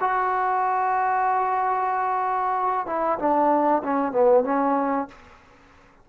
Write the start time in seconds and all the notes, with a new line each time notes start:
0.00 F#4
2.86 E4
3.18 D4
3.83 C#4
4.12 B3
4.44 C#4